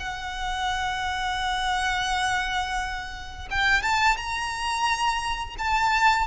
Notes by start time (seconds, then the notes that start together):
0.00 F#5
3.51 G5
3.83 A5
4.17 A#5
5.59 A5